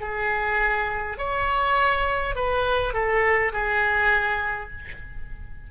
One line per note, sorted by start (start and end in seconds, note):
0.00 1.18 G#4
1.18 2.35 C#5
2.35 2.94 B4
2.94 3.52 A4
3.52 4.70 G#4